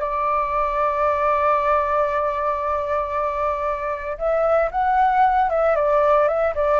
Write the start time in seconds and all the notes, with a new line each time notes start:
0.00 D5
4.18 E5
4.71 F#5
5.49 E5
5.76 D5
6.28 E5
6.55 D5